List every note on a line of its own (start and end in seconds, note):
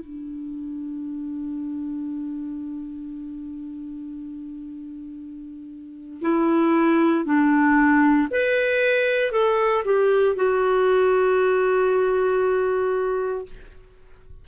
0.00 6.21 D4
6.22 7.25 E4
7.25 8.29 D4
8.30 9.32 B4
9.32 9.84 A4
9.85 10.35 G4
10.35 13.46 F#4